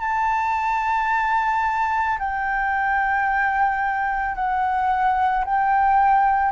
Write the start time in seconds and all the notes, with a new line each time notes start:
0.00 A5
2.19 G5
4.35 F#5
5.45 G5